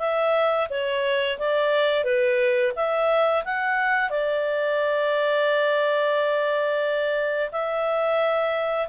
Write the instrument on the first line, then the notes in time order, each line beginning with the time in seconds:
clarinet
0.00 E5
0.70 C#5
1.39 D5
2.05 B4
2.76 E5
3.45 F#5
4.10 D5
7.52 E5